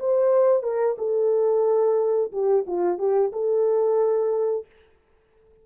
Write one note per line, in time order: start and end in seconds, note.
0.00 0.63 C5
0.63 0.96 A#4
0.98 2.32 A4
2.32 2.66 G4
2.67 2.98 F4
2.98 3.32 G4
3.33 4.66 A4